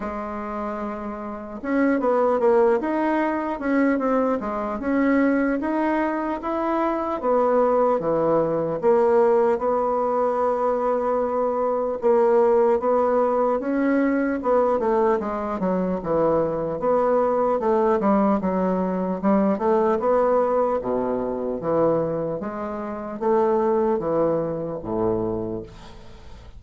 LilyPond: \new Staff \with { instrumentName = "bassoon" } { \time 4/4 \tempo 4 = 75 gis2 cis'8 b8 ais8 dis'8~ | dis'8 cis'8 c'8 gis8 cis'4 dis'4 | e'4 b4 e4 ais4 | b2. ais4 |
b4 cis'4 b8 a8 gis8 fis8 | e4 b4 a8 g8 fis4 | g8 a8 b4 b,4 e4 | gis4 a4 e4 a,4 | }